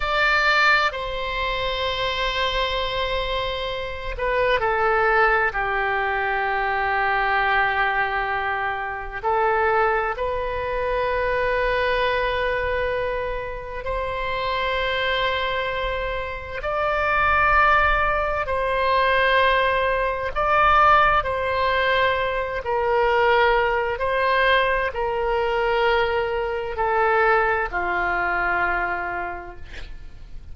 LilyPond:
\new Staff \with { instrumentName = "oboe" } { \time 4/4 \tempo 4 = 65 d''4 c''2.~ | c''8 b'8 a'4 g'2~ | g'2 a'4 b'4~ | b'2. c''4~ |
c''2 d''2 | c''2 d''4 c''4~ | c''8 ais'4. c''4 ais'4~ | ais'4 a'4 f'2 | }